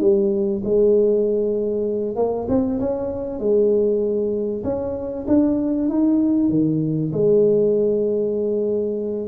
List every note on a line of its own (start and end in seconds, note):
0.00 0.62 G3
0.64 2.16 G#3
2.16 2.47 A#3
2.48 2.79 C4
2.79 3.39 C#4
3.39 4.63 G#3
4.64 5.25 C#4
5.27 5.88 D4
5.88 6.49 D#4
6.49 7.11 D#3
7.12 9.28 G#3